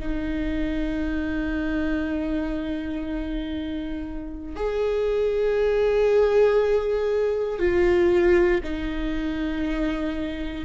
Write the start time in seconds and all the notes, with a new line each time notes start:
0.00 D#4
4.56 G#4
7.59 F4
8.64 D#4